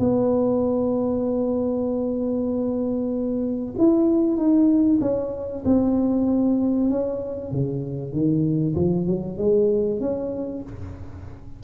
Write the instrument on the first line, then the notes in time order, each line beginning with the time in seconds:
tuba
0.00 B3
3.78 E4
4.37 D#4
5.01 C#4
5.66 C4
6.90 C#4
7.52 C#3
8.13 D#3
8.76 F3
9.07 F#3
9.38 G#3
10.01 C#4